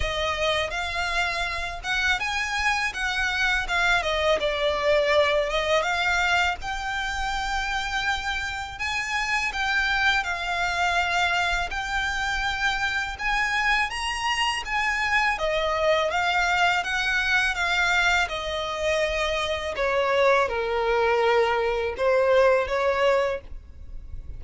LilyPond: \new Staff \with { instrumentName = "violin" } { \time 4/4 \tempo 4 = 82 dis''4 f''4. fis''8 gis''4 | fis''4 f''8 dis''8 d''4. dis''8 | f''4 g''2. | gis''4 g''4 f''2 |
g''2 gis''4 ais''4 | gis''4 dis''4 f''4 fis''4 | f''4 dis''2 cis''4 | ais'2 c''4 cis''4 | }